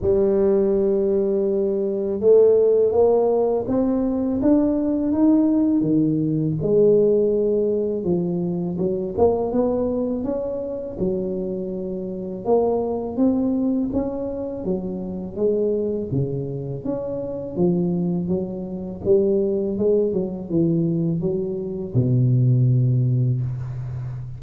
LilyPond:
\new Staff \with { instrumentName = "tuba" } { \time 4/4 \tempo 4 = 82 g2. a4 | ais4 c'4 d'4 dis'4 | dis4 gis2 f4 | fis8 ais8 b4 cis'4 fis4~ |
fis4 ais4 c'4 cis'4 | fis4 gis4 cis4 cis'4 | f4 fis4 g4 gis8 fis8 | e4 fis4 b,2 | }